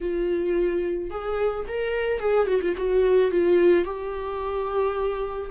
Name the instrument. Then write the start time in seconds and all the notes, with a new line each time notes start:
viola
0.01 F4
1.10 G#4
1.67 A#4
2.19 G#4
2.47 F#4
2.61 F4
2.77 F#4
3.31 F4
3.84 G4